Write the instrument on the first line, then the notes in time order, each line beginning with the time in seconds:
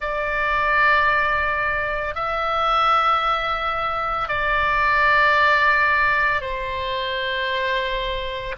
oboe
0.00 D5
2.14 E5
4.28 D5
6.40 C5